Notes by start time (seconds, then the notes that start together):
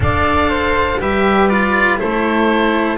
0.00 D4 A4 D5 F5
0.49 C5
1.00 G3 G4 B4 E5
1.49 F4 D5
1.97 A3 E4 A4 C5